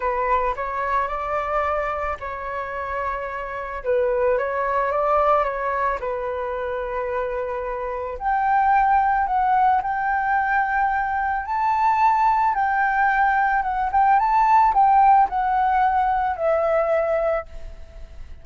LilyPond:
\new Staff \with { instrumentName = "flute" } { \time 4/4 \tempo 4 = 110 b'4 cis''4 d''2 | cis''2. b'4 | cis''4 d''4 cis''4 b'4~ | b'2. g''4~ |
g''4 fis''4 g''2~ | g''4 a''2 g''4~ | g''4 fis''8 g''8 a''4 g''4 | fis''2 e''2 | }